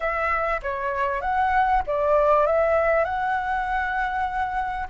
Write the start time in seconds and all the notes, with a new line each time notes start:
0.00 E5
0.62 C#5
1.21 F#5
1.86 D5
2.46 E5
3.04 F#5